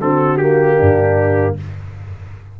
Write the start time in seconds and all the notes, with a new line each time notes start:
0.00 D3 C4 F#4 A4
0.37 A#3 G4
0.77 G2 D4